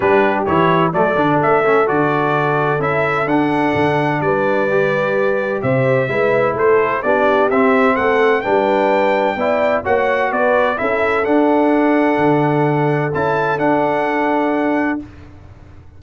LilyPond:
<<
  \new Staff \with { instrumentName = "trumpet" } { \time 4/4 \tempo 4 = 128 b'4 cis''4 d''4 e''4 | d''2 e''4 fis''4~ | fis''4 d''2. | e''2 c''4 d''4 |
e''4 fis''4 g''2~ | g''4 fis''4 d''4 e''4 | fis''1 | a''4 fis''2. | }
  \new Staff \with { instrumentName = "horn" } { \time 4/4 g'2 a'2~ | a'1~ | a'4 b'2. | c''4 b'4 a'4 g'4~ |
g'4 a'4 b'2 | d''4 cis''4 b'4 a'4~ | a'1~ | a'1 | }
  \new Staff \with { instrumentName = "trombone" } { \time 4/4 d'4 e'4 a8 d'4 cis'8 | fis'2 e'4 d'4~ | d'2 g'2~ | g'4 e'2 d'4 |
c'2 d'2 | e'4 fis'2 e'4 | d'1 | e'4 d'2. | }
  \new Staff \with { instrumentName = "tuba" } { \time 4/4 g4 e4 fis8 d8 a4 | d2 cis'4 d'4 | d4 g2. | c4 gis4 a4 b4 |
c'4 a4 g2 | b4 ais4 b4 cis'4 | d'2 d2 | cis'4 d'2. | }
>>